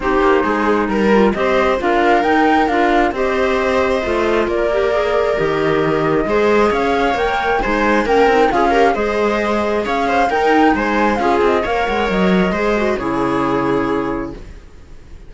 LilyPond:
<<
  \new Staff \with { instrumentName = "flute" } { \time 4/4 \tempo 4 = 134 c''2 ais'4 dis''4 | f''4 g''4 f''4 dis''4~ | dis''2 d''2 | dis''2. f''4 |
g''4 gis''4 g''4 f''4 | dis''2 f''4 g''4 | gis''4 f''8 dis''8 f''8 fis''8 dis''4~ | dis''4 cis''2. | }
  \new Staff \with { instrumentName = "viola" } { \time 4/4 g'4 gis'4 ais'4 c''4 | ais'2. c''4~ | c''2 ais'2~ | ais'2 c''4 cis''4~ |
cis''4 c''4 ais'4 gis'8 ais'8 | c''2 cis''8 c''8 ais'4 | c''4 gis'4 cis''2 | c''4 gis'2. | }
  \new Staff \with { instrumentName = "clarinet" } { \time 4/4 dis'2~ dis'8 f'8 g'4 | f'4 dis'4 f'4 g'4~ | g'4 f'4. g'8 gis'4 | g'2 gis'2 |
ais'4 dis'4 cis'8 dis'8 f'8 g'8 | gis'2. dis'4~ | dis'4 f'4 ais'2 | gis'8 fis'8 e'2. | }
  \new Staff \with { instrumentName = "cello" } { \time 4/4 c'8 ais8 gis4 g4 c'4 | d'4 dis'4 d'4 c'4~ | c'4 a4 ais2 | dis2 gis4 cis'4 |
ais4 gis4 ais8 c'8 cis'4 | gis2 cis'4 dis'4 | gis4 cis'8 c'8 ais8 gis8 fis4 | gis4 cis2. | }
>>